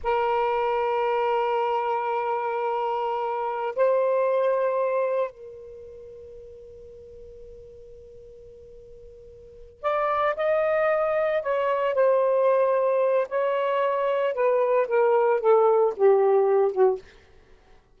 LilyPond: \new Staff \with { instrumentName = "saxophone" } { \time 4/4 \tempo 4 = 113 ais'1~ | ais'2. c''4~ | c''2 ais'2~ | ais'1~ |
ais'2~ ais'8 d''4 dis''8~ | dis''4. cis''4 c''4.~ | c''4 cis''2 b'4 | ais'4 a'4 g'4. fis'8 | }